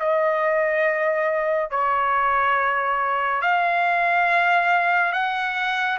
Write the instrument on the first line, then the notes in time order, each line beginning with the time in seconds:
trumpet
0.00 D#5
1.71 C#5
3.42 F5
5.13 F#5